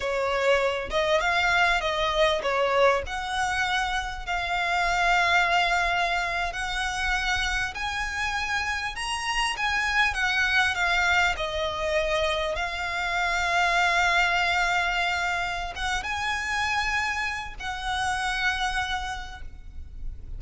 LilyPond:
\new Staff \with { instrumentName = "violin" } { \time 4/4 \tempo 4 = 99 cis''4. dis''8 f''4 dis''4 | cis''4 fis''2 f''4~ | f''2~ f''8. fis''4~ fis''16~ | fis''8. gis''2 ais''4 gis''16~ |
gis''8. fis''4 f''4 dis''4~ dis''16~ | dis''8. f''2.~ f''16~ | f''2 fis''8 gis''4.~ | gis''4 fis''2. | }